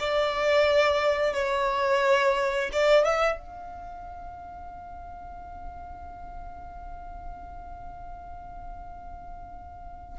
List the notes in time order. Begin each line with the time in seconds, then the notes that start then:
0.00 D5
1.34 C#5
2.73 D5
3.05 E5
3.39 F5